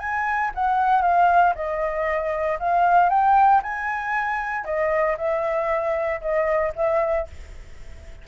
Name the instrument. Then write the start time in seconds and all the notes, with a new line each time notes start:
flute
0.00 G#5
0.55 F#5
1.03 F5
1.55 D#5
2.60 F5
3.10 G5
3.63 G#5
4.65 D#5
5.18 E5
6.21 D#5
6.76 E5